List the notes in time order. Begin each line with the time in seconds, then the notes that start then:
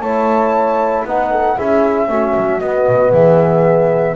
0.00 A3 E4 C#5 A5
1.05 B3 D#4 B4 F#5
1.31 A4
1.57 C#4 E4 G#4 E5
2.09 A3 C#4 F#4
2.36 F#3
2.60 B3 D#5
2.88 B2
3.12 E3 G#4 E5